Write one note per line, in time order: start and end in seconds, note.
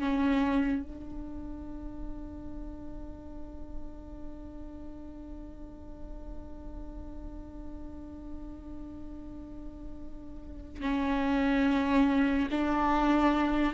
0.00 0.83 C#4
0.83 10.82 D4
10.82 12.49 C#4
12.52 13.74 D4